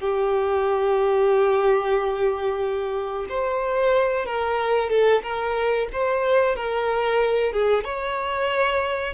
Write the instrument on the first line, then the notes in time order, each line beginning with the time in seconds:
violin
0.00 G4
3.29 C5
4.26 A#4
4.90 A4
5.23 A#4
5.93 C5
6.56 A#4
7.53 G#4
7.84 C#5